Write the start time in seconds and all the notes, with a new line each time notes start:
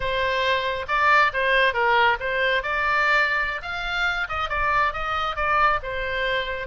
0.00 C5
0.88 D5
1.33 C5
1.73 A#4
2.20 C5
2.63 D5
3.62 F5
4.28 D#5
4.49 D5
4.93 D#5
5.35 D5
5.82 C5